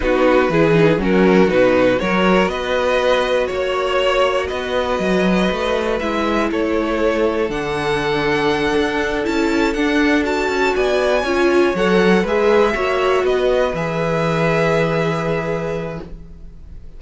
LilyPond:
<<
  \new Staff \with { instrumentName = "violin" } { \time 4/4 \tempo 4 = 120 b'2 ais'4 b'4 | cis''4 dis''2 cis''4~ | cis''4 dis''2. | e''4 cis''2 fis''4~ |
fis''2~ fis''8 a''4 fis''8~ | fis''8 a''4 gis''2 fis''8~ | fis''8 e''2 dis''4 e''8~ | e''1 | }
  \new Staff \with { instrumentName = "violin" } { \time 4/4 fis'4 gis'4 fis'2 | ais'4 b'2 cis''4~ | cis''4 b'2.~ | b'4 a'2.~ |
a'1~ | a'4. d''4 cis''4.~ | cis''8 b'4 cis''4 b'4.~ | b'1 | }
  \new Staff \with { instrumentName = "viola" } { \time 4/4 dis'4 e'8 dis'8 cis'4 dis'4 | fis'1~ | fis'1 | e'2. d'4~ |
d'2~ d'8 e'4 d'8~ | d'8 fis'2 f'4 a'8~ | a'8 gis'4 fis'2 gis'8~ | gis'1 | }
  \new Staff \with { instrumentName = "cello" } { \time 4/4 b4 e4 fis4 b,4 | fis4 b2 ais4~ | ais4 b4 fis4 a4 | gis4 a2 d4~ |
d4. d'4 cis'4 d'8~ | d'4 cis'8 b4 cis'4 fis8~ | fis8 gis4 ais4 b4 e8~ | e1 | }
>>